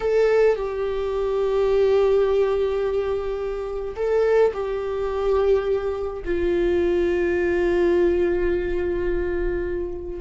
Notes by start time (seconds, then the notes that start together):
0.00 A4
0.55 G4
3.95 A4
4.53 G4
6.24 F4